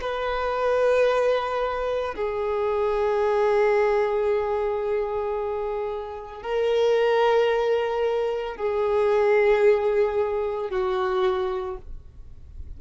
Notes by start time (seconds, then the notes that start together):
0.00 B4
2.15 G#4
6.42 A#4
8.56 G#4
10.69 F#4